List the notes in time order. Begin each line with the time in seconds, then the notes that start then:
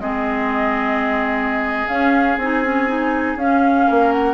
0.00 G#3 C4 G#4 D#5
1.87 C#4 F5
2.37 C4 D#4 G#5
2.64 C#4
2.88 D#4
3.36 C#4 F5
3.87 A#3 A#4
4.12 F#5